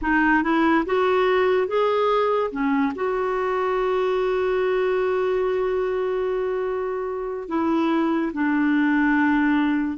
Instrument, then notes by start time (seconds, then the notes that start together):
clarinet
0.02 D#4
0.43 E4
0.85 F#4
1.67 G#4
2.51 C#4
2.95 F#4
7.48 E4
8.33 D4